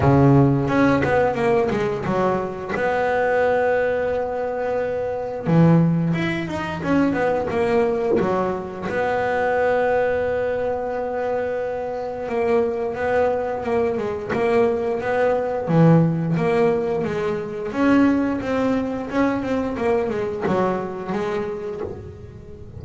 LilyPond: \new Staff \with { instrumentName = "double bass" } { \time 4/4 \tempo 4 = 88 cis4 cis'8 b8 ais8 gis8 fis4 | b1 | e4 e'8 dis'8 cis'8 b8 ais4 | fis4 b2.~ |
b2 ais4 b4 | ais8 gis8 ais4 b4 e4 | ais4 gis4 cis'4 c'4 | cis'8 c'8 ais8 gis8 fis4 gis4 | }